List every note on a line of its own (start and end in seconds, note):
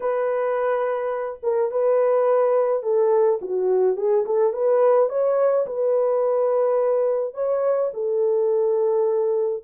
0.00 1.39 B4
1.42 1.71 A#4
1.71 2.83 B4
2.83 3.39 A4
3.41 3.96 F#4
3.96 4.25 G#4
4.25 4.53 A4
4.53 5.09 B4
5.09 5.66 C#5
5.66 7.34 B4
7.34 7.90 C#5
7.93 9.63 A4